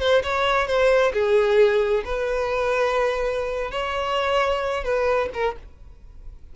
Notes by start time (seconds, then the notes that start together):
0.00 C5
0.23 C#5
0.67 C5
1.13 G#4
2.05 B4
3.71 C#5
4.84 B4
5.34 A#4